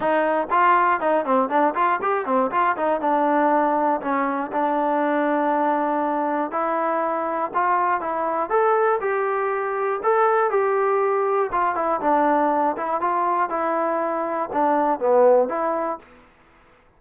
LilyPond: \new Staff \with { instrumentName = "trombone" } { \time 4/4 \tempo 4 = 120 dis'4 f'4 dis'8 c'8 d'8 f'8 | g'8 c'8 f'8 dis'8 d'2 | cis'4 d'2.~ | d'4 e'2 f'4 |
e'4 a'4 g'2 | a'4 g'2 f'8 e'8 | d'4. e'8 f'4 e'4~ | e'4 d'4 b4 e'4 | }